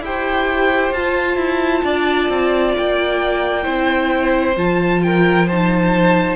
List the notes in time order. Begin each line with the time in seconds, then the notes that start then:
0.00 E4 G4 C5 G5
0.92 F4 A5
1.36 E4
1.84 D4 D5
2.28 C4
2.77 A#3 G5
3.63 C4 E4 C5
4.56 F3 F4 A5
5.02 A#4 G5
5.46 D#4 C5 A5